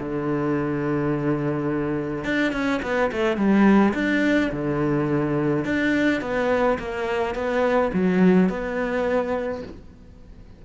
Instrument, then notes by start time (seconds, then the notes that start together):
cello
0.00 D3
2.25 D4
2.53 C#4
2.83 B3
3.13 A3
3.37 G3
3.95 D4
4.52 D3
5.65 D4
6.22 B3
6.79 A#3
7.35 B3
7.94 F#3
8.50 B3